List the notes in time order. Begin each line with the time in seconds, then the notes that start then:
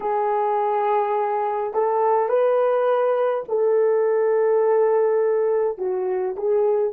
0.00 G#4
1.73 A4
2.28 B4
3.48 A4
5.77 F#4
6.36 G#4